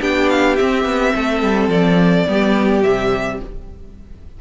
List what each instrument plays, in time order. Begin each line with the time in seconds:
0.00 cello B3, viola D4, violin G4 G5
0.29 violin F5
0.56 viola C4, cello C4, violin E5
0.84 cello B3
1.15 cello A3, violin A4
1.43 cello G3
1.68 cello F3, violin D5
2.27 cello G3, viola B3, violin G4
2.83 cello C3, viola G3, violin E5